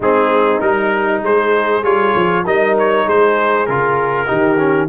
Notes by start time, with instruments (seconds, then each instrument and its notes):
0.00 tuba G#3, trombone C4, horn D#4, trumpet G#4
0.60 tuba G3, trombone D#4, trumpet A#4
1.22 tuba G#3, horn G#4, trumpet C5
1.83 tuba G3, trombone F4, trumpet C#5
2.15 tuba F3
2.45 tuba G3, trombone D#4, horn A#4, trumpet D#5
2.78 trumpet C#5
3.04 tuba G#3, horn G#4, trumpet C5
3.66 tuba C#3, trombone F4, trumpet A#4
4.26 tuba D#3, trombone D#4, horn G4
4.58 trombone C#4